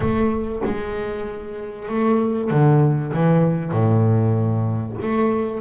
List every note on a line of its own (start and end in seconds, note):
0.00 0.61 A3
0.64 1.88 G#3
1.88 2.50 A3
2.50 3.12 D3
3.13 3.72 E3
3.72 4.97 A2
5.01 5.61 A3